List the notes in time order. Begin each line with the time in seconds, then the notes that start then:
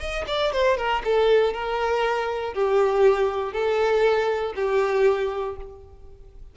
0.00 D#5
0.27 D5
0.52 C5
0.77 A#4
1.05 A4
1.53 A#4
2.53 G4
3.53 A4
4.56 G4